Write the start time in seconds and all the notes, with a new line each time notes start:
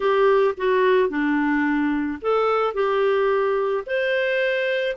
0.00 G4
0.57 F#4
1.09 D4
2.21 A4
2.73 G4
3.86 C5